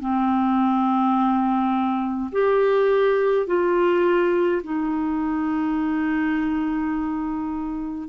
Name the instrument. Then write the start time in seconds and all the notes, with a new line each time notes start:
clarinet
0.00 C4
2.32 G4
3.47 F4
4.64 D#4